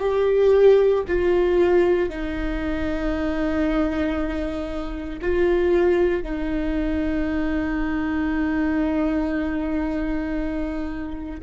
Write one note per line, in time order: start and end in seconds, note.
0.00 1.03 G4
1.08 2.10 F4
2.10 5.20 D#4
5.22 6.24 F4
6.24 11.41 D#4